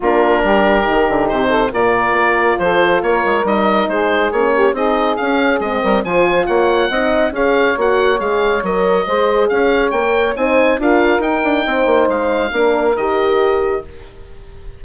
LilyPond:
<<
  \new Staff \with { instrumentName = "oboe" } { \time 4/4 \tempo 4 = 139 ais'2. c''4 | d''2 c''4 cis''4 | dis''4 c''4 cis''4 dis''4 | f''4 dis''4 gis''4 fis''4~ |
fis''4 f''4 fis''4 f''4 | dis''2 f''4 g''4 | gis''4 f''4 g''2 | f''2 dis''2 | }
  \new Staff \with { instrumentName = "saxophone" } { \time 4/4 f'4 g'2~ g'8 a'8 | ais'2 a'4 ais'4~ | ais'4 gis'4. g'8 gis'4~ | gis'4. ais'8 c''4 cis''4 |
dis''4 cis''2.~ | cis''4 c''4 cis''2 | c''4 ais'2 c''4~ | c''4 ais'2. | }
  \new Staff \with { instrumentName = "horn" } { \time 4/4 d'2 dis'2 | f'1 | dis'2 cis'4 dis'4 | cis'4 c'4 f'2 |
dis'4 gis'4 fis'4 gis'4 | ais'4 gis'2 ais'4 | dis'4 f'4 dis'2~ | dis'4 d'4 g'2 | }
  \new Staff \with { instrumentName = "bassoon" } { \time 4/4 ais4 g4 dis8 d8 c4 | ais,4 ais4 f4 ais8 gis8 | g4 gis4 ais4 c'4 | cis'4 gis8 g8 f4 ais4 |
c'4 cis'4 ais4 gis4 | fis4 gis4 cis'4 ais4 | c'4 d'4 dis'8 d'8 c'8 ais8 | gis4 ais4 dis2 | }
>>